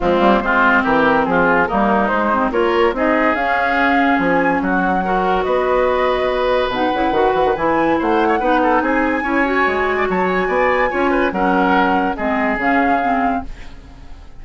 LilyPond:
<<
  \new Staff \with { instrumentName = "flute" } { \time 4/4 \tempo 4 = 143 f'4 c''4 ais'4 gis'4 | ais'4 c''4 cis''4 dis''4 | f''2 gis''4 fis''4~ | fis''4 dis''2. |
fis''2 gis''4 fis''4~ | fis''4 gis''2. | a''8 gis''2~ gis''8 fis''4~ | fis''4 dis''4 f''2 | }
  \new Staff \with { instrumentName = "oboe" } { \time 4/4 c'4 f'4 g'4 f'4 | dis'2 ais'4 gis'4~ | gis'2. fis'4 | ais'4 b'2.~ |
b'2. c''8. cis''16 | b'8 a'8 gis'4 cis''4.~ cis''16 d''16 | cis''4 d''4 cis''8 b'8 ais'4~ | ais'4 gis'2. | }
  \new Staff \with { instrumentName = "clarinet" } { \time 4/4 gis8 ais8 c'2. | ais4 gis8 c'8 f'4 dis'4 | cis'1 | fis'1 |
dis'8 e'8 fis'4 e'2 | dis'2 e'8 fis'4.~ | fis'2 f'4 cis'4~ | cis'4 c'4 cis'4 c'4 | }
  \new Staff \with { instrumentName = "bassoon" } { \time 4/4 f8 g8 gis4 e4 f4 | g4 gis4 ais4 c'4 | cis'2 f4 fis4~ | fis4 b2. |
b,8 cis8 dis8 e16 dis16 e4 a4 | b4 c'4 cis'4 gis4 | fis4 b4 cis'4 fis4~ | fis4 gis4 cis2 | }
>>